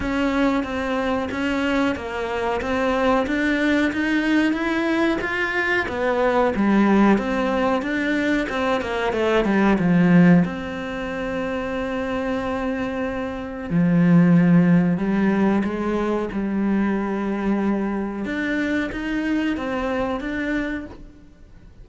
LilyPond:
\new Staff \with { instrumentName = "cello" } { \time 4/4 \tempo 4 = 92 cis'4 c'4 cis'4 ais4 | c'4 d'4 dis'4 e'4 | f'4 b4 g4 c'4 | d'4 c'8 ais8 a8 g8 f4 |
c'1~ | c'4 f2 g4 | gis4 g2. | d'4 dis'4 c'4 d'4 | }